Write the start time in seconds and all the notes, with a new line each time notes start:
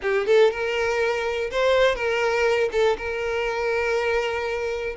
0.02 G4
0.26 A4
0.51 A#4
1.50 C5
1.95 A#4
2.72 A4
2.97 A#4